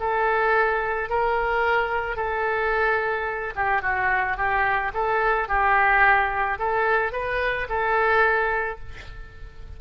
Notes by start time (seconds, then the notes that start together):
0.00 A4
1.10 A#4
2.16 A4
3.56 G4
3.82 F#4
4.37 G4
4.94 A4
5.49 G4
6.59 A4
7.13 B4
7.69 A4